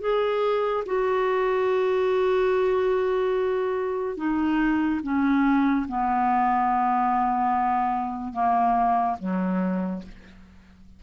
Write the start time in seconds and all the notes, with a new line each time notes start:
0.00 G#4
0.86 F#4
4.17 D#4
5.03 C#4
5.88 B3
8.33 A#3
9.19 F#3